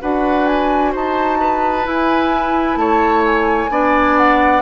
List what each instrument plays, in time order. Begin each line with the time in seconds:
0.00 bassoon D4, clarinet F#4, oboe B4, flute F#5
0.46 flute G#5
0.91 bassoon D#4, oboe C5, flute A5
1.40 oboe B4
1.84 clarinet E4, bassoon E4, flute G#5
2.76 bassoon A3, oboe C#5, flute A5
3.25 flute G#5
3.69 bassoon B3, clarinet D4, oboe D5
4.17 flute F#5